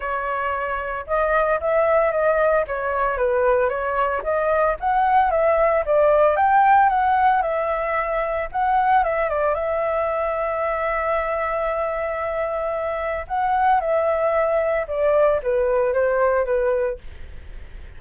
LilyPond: \new Staff \with { instrumentName = "flute" } { \time 4/4 \tempo 4 = 113 cis''2 dis''4 e''4 | dis''4 cis''4 b'4 cis''4 | dis''4 fis''4 e''4 d''4 | g''4 fis''4 e''2 |
fis''4 e''8 d''8 e''2~ | e''1~ | e''4 fis''4 e''2 | d''4 b'4 c''4 b'4 | }